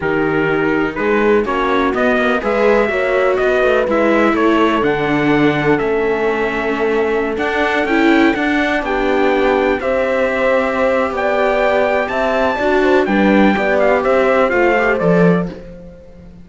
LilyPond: <<
  \new Staff \with { instrumentName = "trumpet" } { \time 4/4 \tempo 4 = 124 ais'2 b'4 cis''4 | dis''4 e''2 dis''4 | e''4 cis''4 fis''2 | e''2.~ e''16 fis''8.~ |
fis''16 g''4 fis''4 g''4.~ g''16~ | g''16 e''2~ e''8. g''4~ | g''4 a''2 g''4~ | g''8 f''8 e''4 f''4 d''4 | }
  \new Staff \with { instrumentName = "horn" } { \time 4/4 g'2 gis'4 fis'4~ | fis'4 b'4 cis''4 b'4~ | b'4 a'2.~ | a'1~ |
a'2~ a'16 g'4.~ g'16~ | g'16 c''2~ c''8. d''4~ | d''4 e''4 d''8 c''8 b'4 | d''4 c''2. | }
  \new Staff \with { instrumentName = "viola" } { \time 4/4 dis'2. cis'4 | b4 gis'4 fis'2 | e'2 d'2 | cis'2.~ cis'16 d'8.~ |
d'16 e'4 d'2~ d'8.~ | d'16 g'2.~ g'8.~ | g'2 fis'4 d'4 | g'2 f'8 g'8 a'4 | }
  \new Staff \with { instrumentName = "cello" } { \time 4/4 dis2 gis4 ais4 | b8 ais8 gis4 ais4 b8 a8 | gis4 a4 d2 | a2.~ a16 d'8.~ |
d'16 cis'4 d'4 b4.~ b16~ | b16 c'2~ c'8. b4~ | b4 c'4 d'4 g4 | b4 c'4 a4 f4 | }
>>